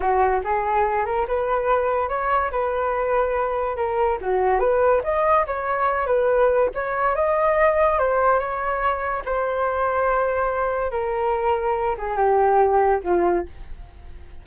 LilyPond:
\new Staff \with { instrumentName = "flute" } { \time 4/4 \tempo 4 = 143 fis'4 gis'4. ais'8 b'4~ | b'4 cis''4 b'2~ | b'4 ais'4 fis'4 b'4 | dis''4 cis''4. b'4. |
cis''4 dis''2 c''4 | cis''2 c''2~ | c''2 ais'2~ | ais'8 gis'8 g'2 f'4 | }